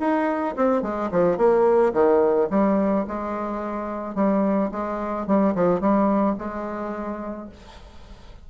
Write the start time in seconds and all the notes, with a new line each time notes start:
0.00 D#4
0.56 C4
0.82 G#3
1.11 F3
1.37 A#3
1.93 D#3
2.50 G3
3.08 G#3
4.15 G3
4.71 G#3
5.27 G3
5.55 F3
5.81 G3
6.38 G#3